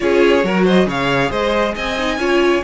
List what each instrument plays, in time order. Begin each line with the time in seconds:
0.00 cello C#4, viola F4, violin G#4 C#5
0.43 cello F#3, viola F#4, violin A#4
0.64 violin C5 D#5
0.85 cello C#3, viola G#4, violin C#5 F5
1.30 cello G#3, violin C5 D#5
1.74 cello C4, violin D#5 G#5
1.97 viola D#4
2.17 cello C#4, viola F4, violin C#5